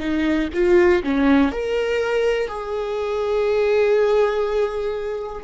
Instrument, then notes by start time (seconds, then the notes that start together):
viola
0.00 D#4
0.54 F4
1.04 C#4
1.52 A#4
2.48 G#4